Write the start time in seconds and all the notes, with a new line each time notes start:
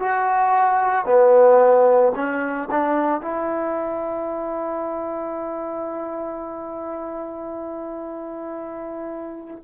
0.00 F#4
1.06 B3
2.15 C#4
2.71 D4
3.22 E4